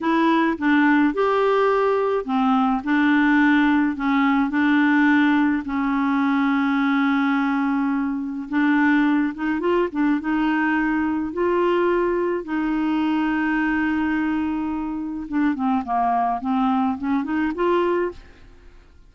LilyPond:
\new Staff \with { instrumentName = "clarinet" } { \time 4/4 \tempo 4 = 106 e'4 d'4 g'2 | c'4 d'2 cis'4 | d'2 cis'2~ | cis'2. d'4~ |
d'8 dis'8 f'8 d'8 dis'2 | f'2 dis'2~ | dis'2. d'8 c'8 | ais4 c'4 cis'8 dis'8 f'4 | }